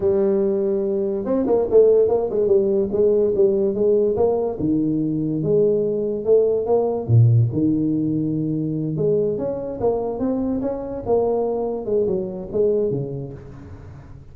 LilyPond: \new Staff \with { instrumentName = "tuba" } { \time 4/4 \tempo 4 = 144 g2. c'8 ais8 | a4 ais8 gis8 g4 gis4 | g4 gis4 ais4 dis4~ | dis4 gis2 a4 |
ais4 ais,4 dis2~ | dis4. gis4 cis'4 ais8~ | ais8 c'4 cis'4 ais4.~ | ais8 gis8 fis4 gis4 cis4 | }